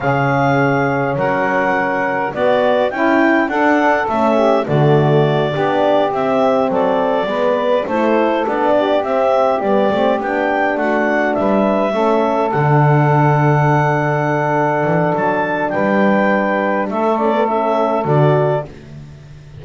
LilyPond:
<<
  \new Staff \with { instrumentName = "clarinet" } { \time 4/4 \tempo 4 = 103 f''2 fis''2 | d''4 g''4 fis''4 e''4 | d''2~ d''8 e''4 d''8~ | d''4. c''4 d''4 e''8~ |
e''8 d''4 g''4 fis''4 e''8~ | e''4. fis''2~ fis''8~ | fis''2 a''4 g''4~ | g''4 e''8 d''8 e''4 d''4 | }
  \new Staff \with { instrumentName = "saxophone" } { \time 4/4 gis'2 ais'2 | fis'4 e'4 a'4. g'8 | fis'4. g'2 a'8~ | a'8 b'4 a'4. g'4~ |
g'2~ g'8 fis'4 b'8~ | b'8 a'2.~ a'8~ | a'2. b'4~ | b'4 a'2. | }
  \new Staff \with { instrumentName = "horn" } { \time 4/4 cis'1 | b4 e'4 d'4 cis'4 | a4. d'4 c'4.~ | c'8 b4 e'4 d'4 c'8~ |
c'8 b8 c'8 d'2~ d'8~ | d'8 cis'4 d'2~ d'8~ | d'1~ | d'4. cis'16 b16 cis'4 fis'4 | }
  \new Staff \with { instrumentName = "double bass" } { \time 4/4 cis2 fis2 | b4 cis'4 d'4 a4 | d4. b4 c'4 fis8~ | fis8 gis4 a4 b4 c'8~ |
c'8 g8 a8 b4 a4 g8~ | g8 a4 d2~ d8~ | d4. e8 fis4 g4~ | g4 a2 d4 | }
>>